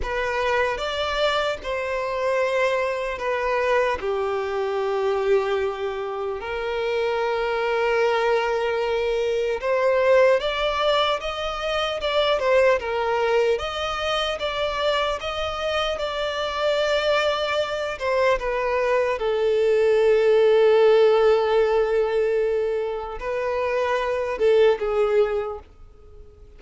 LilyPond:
\new Staff \with { instrumentName = "violin" } { \time 4/4 \tempo 4 = 75 b'4 d''4 c''2 | b'4 g'2. | ais'1 | c''4 d''4 dis''4 d''8 c''8 |
ais'4 dis''4 d''4 dis''4 | d''2~ d''8 c''8 b'4 | a'1~ | a'4 b'4. a'8 gis'4 | }